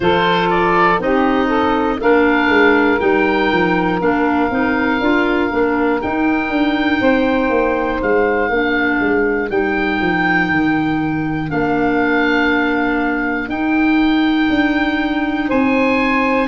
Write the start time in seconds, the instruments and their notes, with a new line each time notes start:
0.00 tuba F3, clarinet F4, saxophone A4, oboe C5
0.50 oboe D5
0.98 tuba C4, clarinet D#4, saxophone G4, oboe D#5
1.46 saxophone A4
1.99 tuba A#3, clarinet D4, saxophone A#4, oboe F5
2.48 tuba G#3
2.99 tuba G3, clarinet D#4, oboe G5
3.52 tuba F3
4.00 tuba A#3, clarinet D4, oboe F5
4.50 tuba C4, clarinet D#4
5.00 tuba D4, clarinet F4
5.50 tuba A#3, clarinet D4
6.01 clarinet D#4, tuba D#4, oboe G5
6.50 tuba D4
7.00 tuba C4, saxophone C5
7.49 tuba A#3
8.01 tuba G#3, oboe F5
8.49 tuba A#3, clarinet D4, saxophone A#4
9.00 tuba G#3
9.49 tuba G3, clarinet D#4, oboe G5
10.00 tuba F3
10.50 tuba D#3
11.48 tuba A#3, clarinet D4, oboe F5
13.47 clarinet D#4, tuba D#4, oboe G5
14.49 tuba D4
15.48 tuba C4, saxophone C5, oboe G#5